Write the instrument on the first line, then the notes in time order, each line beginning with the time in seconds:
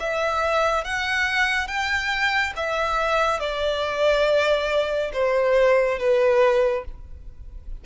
violin
0.00 E5
0.85 F#5
1.68 G5
2.57 E5
3.40 D5
5.14 C5
5.99 B4